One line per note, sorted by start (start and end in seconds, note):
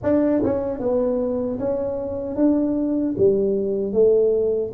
0.03 0.42 D4
0.43 0.79 C#4
0.79 1.58 B3
1.59 2.36 C#4
2.36 3.15 D4
3.17 3.92 G3
3.92 4.71 A3